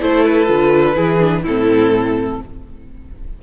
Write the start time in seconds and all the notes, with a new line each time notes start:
0.00 A3 E4 A4 C5
0.25 B4
0.47 D3 F4
0.96 E3 E4 G#4
1.20 D4
1.42 A2 C4 E4 A4